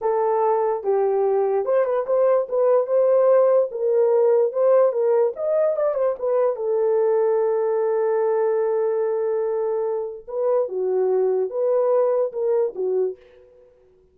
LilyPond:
\new Staff \with { instrumentName = "horn" } { \time 4/4 \tempo 4 = 146 a'2 g'2 | c''8 b'8 c''4 b'4 c''4~ | c''4 ais'2 c''4 | ais'4 dis''4 d''8 c''8 b'4 |
a'1~ | a'1~ | a'4 b'4 fis'2 | b'2 ais'4 fis'4 | }